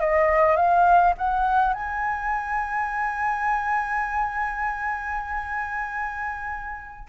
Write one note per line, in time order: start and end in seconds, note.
0.00 0.56 D#5
0.56 1.14 F5
1.18 1.74 F#5
1.74 7.07 G#5